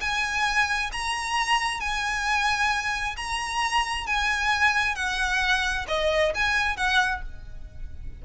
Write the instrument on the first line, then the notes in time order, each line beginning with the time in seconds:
violin
0.00 G#5
0.92 A#5
1.80 G#5
3.16 A#5
4.06 G#5
4.95 F#5
5.87 D#5
6.34 G#5
6.76 F#5